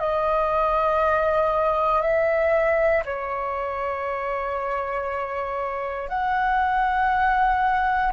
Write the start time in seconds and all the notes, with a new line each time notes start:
0.00 D#5
2.02 E5
3.06 C#5
6.09 F#5